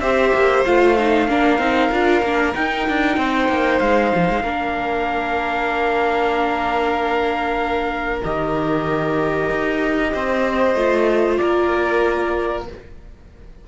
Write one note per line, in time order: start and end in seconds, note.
0.00 0.32 C4
0.00 0.65 G4
0.00 1.28 C5
0.00 0.63 E5
0.33 0.65 A#3
0.65 1.27 A3
0.65 0.97 F4
0.65 2.55 F5
0.98 1.28 D#4
1.27 1.58 A#3
1.27 1.58 D4
1.27 3.17 A#4
1.58 1.89 C4
1.58 1.90 D#4
1.91 2.22 D4
1.91 2.24 F4
2.22 2.53 A#3
2.22 2.54 D4
2.54 4.43 D#4
2.54 2.88 D#4
2.54 3.79 G5
2.88 3.16 D4
3.16 3.48 C4
3.16 4.42 C5
3.48 3.80 A#3
3.79 4.12 G#3
3.79 8.21 F5
4.15 4.29 F3
4.29 4.42 G#3
4.42 8.21 A#3
4.42 8.23 D4
4.42 10.11 A#4
8.23 9.50 D#3
8.23 10.75 G4
8.23 11.37 D#5
9.50 10.13 D#4
10.13 10.74 C4
10.13 11.39 C5
10.74 11.38 A3
10.74 12.65 F4
11.37 12.67 A#3
11.37 12.67 A#4
11.37 12.63 D5